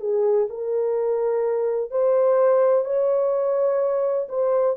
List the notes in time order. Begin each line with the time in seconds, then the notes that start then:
0.00 G#4
0.50 A#4
1.91 C5
2.85 C#5
4.29 C5